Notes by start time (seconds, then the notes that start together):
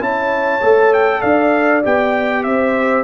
0.00 C#4 E4 C#5 A5
0.61 A3 A4
0.93 G5
1.20 D4 D5 F5
1.83 B3 G4 G5
2.44 C4 C5 E5